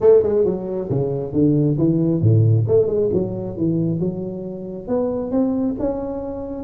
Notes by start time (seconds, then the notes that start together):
0.00 A3
0.22 G#3
0.44 F#3
0.89 C#3
1.32 D3
1.78 E3
2.21 A2
2.67 A3
2.87 G#3
3.13 F#3
3.57 E3
3.99 F#3
4.87 B3
5.31 C4
5.79 C#4